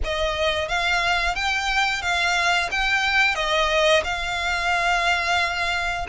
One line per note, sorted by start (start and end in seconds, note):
0.03 0.68 D#5
0.68 1.35 F5
1.35 2.02 G5
2.02 2.69 F5
2.71 3.35 G5
3.35 4.02 D#5
4.04 6.06 F5